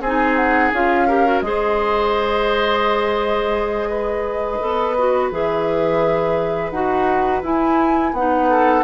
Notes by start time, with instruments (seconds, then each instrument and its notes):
0.00 bassoon C4, oboe G#4, flute G#5
0.06 clarinet D#4
0.36 flute F#5
0.72 bassoon C#4, clarinet F4, flute F5
1.07 clarinet G4, oboe A#4
1.25 clarinet F#4
1.40 bassoon G#3, clarinet G#4, oboe C5, flute D#5
3.89 oboe B4
4.60 bassoon B3, clarinet A4
4.98 clarinet F#4
5.31 bassoon E3, clarinet G#4, flute E5
6.70 bassoon D#4, clarinet F#4, flute F#5
7.42 bassoon E4, clarinet E4, flute G#5
8.12 bassoon B3, clarinet D#4, flute F#5
8.49 oboe A4